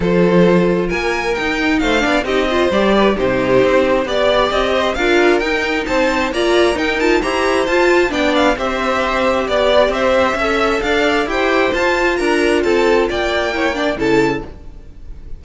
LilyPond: <<
  \new Staff \with { instrumentName = "violin" } { \time 4/4 \tempo 4 = 133 c''2 gis''4 g''4 | f''4 dis''4 d''4 c''4~ | c''4 d''4 dis''4 f''4 | g''4 a''4 ais''4 g''8 a''8 |
ais''4 a''4 g''8 f''8 e''4~ | e''4 d''4 e''2 | f''4 g''4 a''4 ais''4 | a''4 g''2 a''4 | }
  \new Staff \with { instrumentName = "violin" } { \time 4/4 a'2 ais'2 | c''8 d''8 g'8 c''4 b'8 g'4~ | g'4 d''4. c''8 ais'4~ | ais'4 c''4 d''4 ais'4 |
c''2 d''4 c''4~ | c''4 d''4 c''4 e''4 | d''4 c''2 ais'4 | a'4 d''4 cis''8 d''8 a'4 | }
  \new Staff \with { instrumentName = "viola" } { \time 4/4 f'2. dis'4~ | dis'8 d'8 dis'8 f'8 g'4 dis'4~ | dis'4 g'2 f'4 | dis'2 f'4 dis'8 f'8 |
g'4 f'4 d'4 g'4~ | g'2. a'4~ | a'4 g'4 f'2~ | f'2 e'8 d'8 e'4 | }
  \new Staff \with { instrumentName = "cello" } { \time 4/4 f2 ais4 dis'4 | a8 b8 c'4 g4 c4 | c'4 b4 c'4 d'4 | dis'4 c'4 ais4 dis'4 |
e'4 f'4 b4 c'4~ | c'4 b4 c'4 cis'4 | d'4 e'4 f'4 d'4 | c'4 ais2 cis4 | }
>>